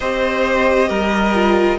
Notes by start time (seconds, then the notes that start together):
0.00 C4 G4 C5 D#5
0.88 G3 A#4
1.34 F4